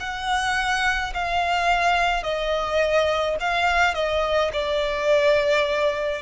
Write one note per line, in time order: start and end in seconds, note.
0.00 1.13 F#5
1.14 2.23 F5
2.23 3.36 D#5
3.40 3.94 F5
3.94 4.51 D#5
4.52 6.22 D5